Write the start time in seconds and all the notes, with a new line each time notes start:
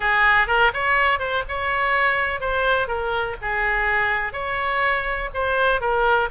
0.00 G#4
0.47 A#4
0.73 C#5
1.19 C5
1.48 C#5
2.40 C5
2.87 A#4
3.41 G#4
4.32 C#5
5.34 C5
5.80 A#4